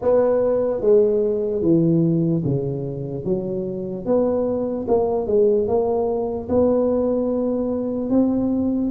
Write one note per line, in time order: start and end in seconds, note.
0.01 0.80 B3
0.80 1.61 G#3
1.61 2.43 E3
2.44 3.24 C#3
3.24 4.05 F#3
4.05 4.86 B3
4.88 5.27 A#3
5.27 5.67 G#3
5.67 6.48 A#3
6.48 8.10 B3
8.10 8.91 C4